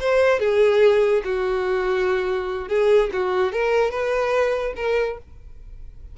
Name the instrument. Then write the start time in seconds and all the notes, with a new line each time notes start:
violin
0.00 C5
0.40 G#4
1.25 F#4
2.69 G#4
3.13 F#4
3.52 A#4
3.91 B4
4.76 A#4